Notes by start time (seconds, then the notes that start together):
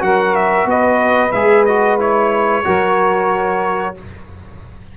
0.00 F#3 F#4 A#4 F#5
0.35 E5
0.65 B3 B4 D#5
1.32 G#3 G#4 E5
1.65 F#4 D#5
1.99 E4 C#5
2.64 F#3 F#4 A#4